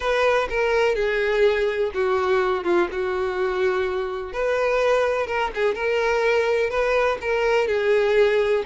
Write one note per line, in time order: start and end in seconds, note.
0.00 0.48 B4
0.49 0.95 A#4
0.95 1.91 G#4
1.94 2.64 F#4
2.64 2.88 F4
2.91 4.32 F#4
4.32 5.26 B4
5.26 5.50 A#4
5.54 5.74 G#4
5.74 6.70 A#4
6.70 7.18 B4
7.21 7.67 A#4
7.67 8.63 G#4